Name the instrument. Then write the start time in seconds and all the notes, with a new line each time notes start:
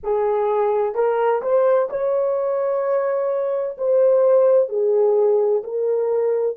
horn
0.03 G#4
0.94 A#4
1.41 C5
1.89 C#5
3.77 C5
4.69 G#4
5.63 A#4